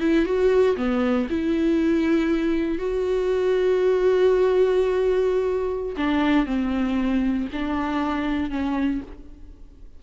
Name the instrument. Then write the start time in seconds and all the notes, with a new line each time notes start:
viola
0.00 E4
0.25 F#4
0.76 B3
1.30 E4
2.78 F#4
5.97 D4
6.46 C4
7.52 D4
8.50 C#4